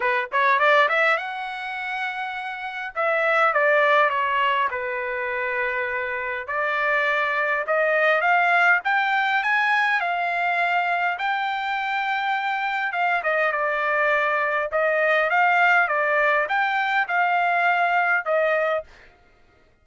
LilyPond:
\new Staff \with { instrumentName = "trumpet" } { \time 4/4 \tempo 4 = 102 b'8 cis''8 d''8 e''8 fis''2~ | fis''4 e''4 d''4 cis''4 | b'2. d''4~ | d''4 dis''4 f''4 g''4 |
gis''4 f''2 g''4~ | g''2 f''8 dis''8 d''4~ | d''4 dis''4 f''4 d''4 | g''4 f''2 dis''4 | }